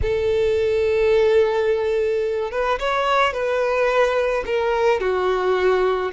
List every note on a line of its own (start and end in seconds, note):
0.02 2.51 A4
2.51 2.79 B4
2.79 3.33 C#5
3.33 4.44 B4
4.46 5.00 A#4
5.00 6.11 F#4